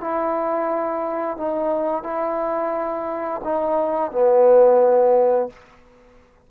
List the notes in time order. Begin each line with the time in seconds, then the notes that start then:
0.00 E4
1.37 D#4
2.03 E4
3.44 D#4
4.11 B3